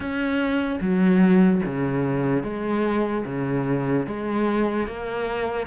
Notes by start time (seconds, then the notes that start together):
0.00 C#4
0.80 F#3
1.65 C#3
2.43 G#3
3.25 C#3
4.06 G#3
4.86 A#3